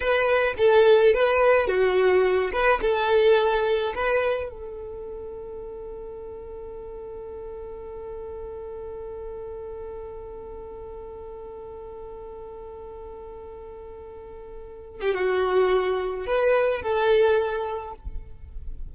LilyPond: \new Staff \with { instrumentName = "violin" } { \time 4/4 \tempo 4 = 107 b'4 a'4 b'4 fis'4~ | fis'8 b'8 a'2 b'4 | a'1~ | a'1~ |
a'1~ | a'1~ | a'2~ a'8. g'16 fis'4~ | fis'4 b'4 a'2 | }